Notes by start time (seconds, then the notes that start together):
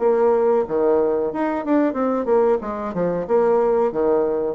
0.00 A#3
0.68 D#3
1.33 D#4
1.65 D4
1.94 C4
2.26 A#3
2.61 G#3
2.94 F3
3.28 A#3
3.92 D#3